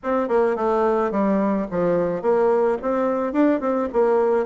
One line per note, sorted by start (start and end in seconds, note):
0.03 0.28 C4
0.28 0.56 A#3
0.56 1.11 A3
1.11 1.66 G3
1.70 2.22 F3
2.22 2.77 A#3
2.82 3.33 C4
3.33 3.60 D4
3.60 3.88 C4
3.92 4.46 A#3